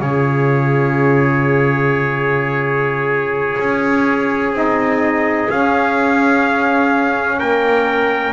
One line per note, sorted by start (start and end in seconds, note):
0.00 3.57 C#3
0.00 4.53 F4
0.00 7.39 G#4
0.00 4.54 C#5
3.59 4.53 C#4
4.53 5.49 C4
4.53 5.48 D#4
4.53 5.51 D#5
5.50 8.33 C#4
5.50 7.41 C#4
5.50 7.40 F5
7.39 8.33 A#3
7.39 8.33 A#4
7.39 8.33 G5